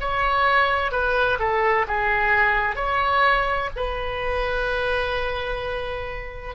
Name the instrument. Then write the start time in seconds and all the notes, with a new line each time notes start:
oboe
0.00 C#5
0.91 B4
1.39 A4
1.87 G#4
2.75 C#5
3.76 B4